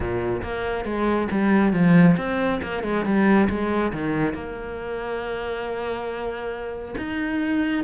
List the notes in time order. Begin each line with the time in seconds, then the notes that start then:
0.00 A#2
0.42 A#3
0.84 G#3
1.31 G3
1.73 F3
2.17 C4
2.62 A#3
2.83 G#3
3.05 G3
3.49 G#3
3.92 D#3
4.34 A#3
6.97 D#4